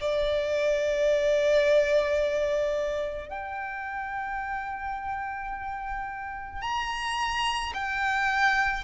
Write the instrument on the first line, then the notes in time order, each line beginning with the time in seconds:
violin
0.00 D5
3.29 G5
6.62 A#5
7.74 G5